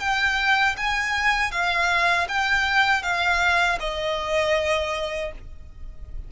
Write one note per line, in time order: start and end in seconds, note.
0.00 0.76 G5
0.77 1.52 G#5
1.52 2.28 F5
2.28 3.03 G5
3.03 3.79 F5
3.80 5.32 D#5